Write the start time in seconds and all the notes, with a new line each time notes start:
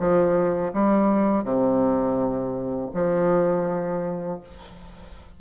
0.00 F3
0.74 G3
1.44 C3
2.94 F3